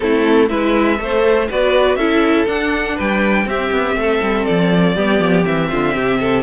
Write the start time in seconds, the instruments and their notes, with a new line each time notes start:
0.00 cello A3, viola C4, violin E4 A4
0.48 cello G#3, viola E4, violin B4 E5
0.98 cello A3, viola A4, violin C5
1.48 cello B3, viola F#4, violin B4 D5
1.95 cello C#4, viola E4, violin A4 E5
2.46 viola D4, cello D4, violin F#5
2.95 cello G3, violin B4 G5
3.45 cello C4, viola C4, violin G4 E5
3.71 cello B3
3.95 cello A3, violin A4
4.21 cello G3
4.45 cello F3, violin D5
4.95 cello G3, viola B3, violin G4
5.20 cello F3
5.43 cello E3, viola C4, violin E5
5.69 cello D3, violin F4
5.94 cello C3, violin G4
6.19 violin A4